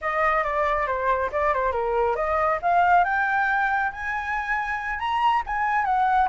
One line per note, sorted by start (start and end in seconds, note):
0.01 0.43 D#5
0.43 0.86 D5
0.86 1.30 C5
1.32 1.53 D5
1.53 1.72 C5
1.72 2.15 A#4
2.15 2.59 D#5
2.61 3.04 F5
3.04 3.91 G5
3.92 4.99 G#5
4.99 5.42 A#5
5.46 5.84 G#5
5.84 6.28 F#5